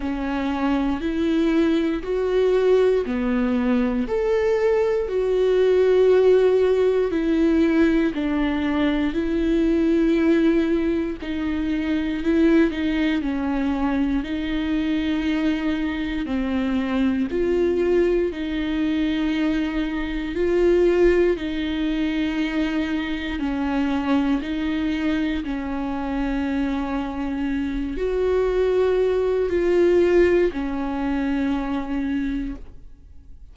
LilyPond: \new Staff \with { instrumentName = "viola" } { \time 4/4 \tempo 4 = 59 cis'4 e'4 fis'4 b4 | a'4 fis'2 e'4 | d'4 e'2 dis'4 | e'8 dis'8 cis'4 dis'2 |
c'4 f'4 dis'2 | f'4 dis'2 cis'4 | dis'4 cis'2~ cis'8 fis'8~ | fis'4 f'4 cis'2 | }